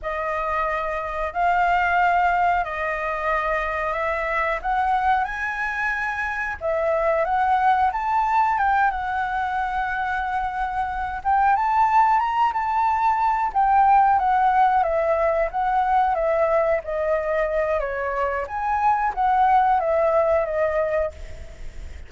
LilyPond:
\new Staff \with { instrumentName = "flute" } { \time 4/4 \tempo 4 = 91 dis''2 f''2 | dis''2 e''4 fis''4 | gis''2 e''4 fis''4 | a''4 g''8 fis''2~ fis''8~ |
fis''4 g''8 a''4 ais''8 a''4~ | a''8 g''4 fis''4 e''4 fis''8~ | fis''8 e''4 dis''4. cis''4 | gis''4 fis''4 e''4 dis''4 | }